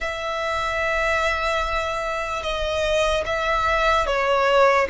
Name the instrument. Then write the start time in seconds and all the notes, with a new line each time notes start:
violin
0.00 E5
2.43 D#5
3.25 E5
4.06 C#5